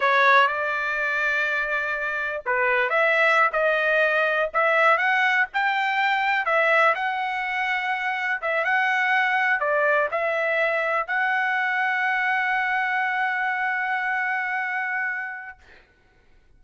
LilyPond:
\new Staff \with { instrumentName = "trumpet" } { \time 4/4 \tempo 4 = 123 cis''4 d''2.~ | d''4 b'4 e''4~ e''16 dis''8.~ | dis''4~ dis''16 e''4 fis''4 g''8.~ | g''4~ g''16 e''4 fis''4.~ fis''16~ |
fis''4~ fis''16 e''8 fis''2 d''16~ | d''8. e''2 fis''4~ fis''16~ | fis''1~ | fis''1 | }